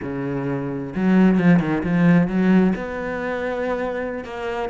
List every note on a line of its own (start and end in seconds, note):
0.02 0.93 C#3
0.95 1.38 F#3
1.38 1.59 F3
1.59 1.82 D#3
1.83 2.27 F3
2.27 2.73 F#3
2.75 4.24 B3
4.24 4.69 A#3